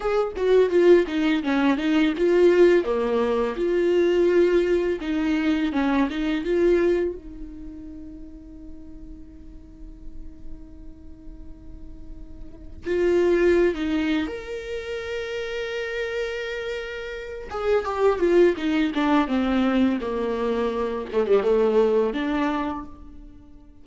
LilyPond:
\new Staff \with { instrumentName = "viola" } { \time 4/4 \tempo 4 = 84 gis'8 fis'8 f'8 dis'8 cis'8 dis'8 f'4 | ais4 f'2 dis'4 | cis'8 dis'8 f'4 dis'2~ | dis'1~ |
dis'2 f'4~ f'16 dis'8. | ais'1~ | ais'8 gis'8 g'8 f'8 dis'8 d'8 c'4 | ais4. a16 g16 a4 d'4 | }